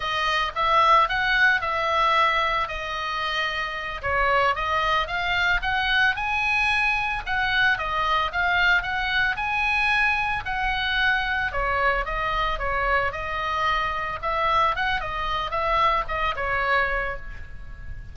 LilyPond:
\new Staff \with { instrumentName = "oboe" } { \time 4/4 \tempo 4 = 112 dis''4 e''4 fis''4 e''4~ | e''4 dis''2~ dis''8 cis''8~ | cis''8 dis''4 f''4 fis''4 gis''8~ | gis''4. fis''4 dis''4 f''8~ |
f''8 fis''4 gis''2 fis''8~ | fis''4. cis''4 dis''4 cis''8~ | cis''8 dis''2 e''4 fis''8 | dis''4 e''4 dis''8 cis''4. | }